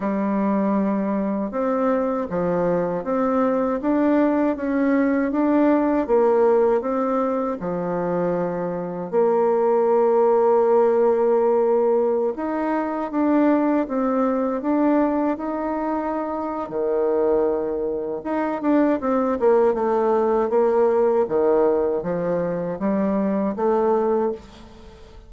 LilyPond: \new Staff \with { instrumentName = "bassoon" } { \time 4/4 \tempo 4 = 79 g2 c'4 f4 | c'4 d'4 cis'4 d'4 | ais4 c'4 f2 | ais1~ |
ais16 dis'4 d'4 c'4 d'8.~ | d'16 dis'4.~ dis'16 dis2 | dis'8 d'8 c'8 ais8 a4 ais4 | dis4 f4 g4 a4 | }